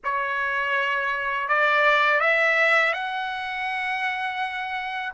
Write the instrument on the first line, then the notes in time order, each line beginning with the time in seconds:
trumpet
0.04 C#5
1.48 D5
2.20 E5
2.93 F#5